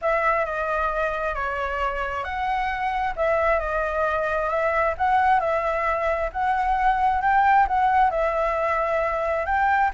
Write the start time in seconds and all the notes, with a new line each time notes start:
0.01 E5
0.45 D#5
1.34 C#5
2.23 F#5
3.16 E5
3.59 D#5
4.49 E5
4.97 F#5
5.40 E5
6.32 F#5
7.21 G5
7.67 F#5
8.10 E5
9.45 G5